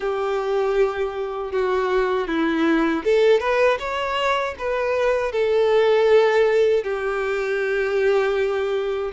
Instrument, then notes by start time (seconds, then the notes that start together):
violin
0.00 G4
1.52 F#4
2.28 E4
3.04 A4
3.40 B4
3.79 C#5
4.58 B4
5.32 A4
6.84 G4